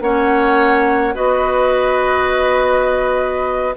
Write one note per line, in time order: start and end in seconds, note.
0.00 1.15 A#3
0.00 1.14 C#4
0.00 1.14 C#5
0.00 1.15 F#5
1.14 3.75 B3
1.14 3.73 F#4
1.14 3.74 B4
1.14 3.74 D#5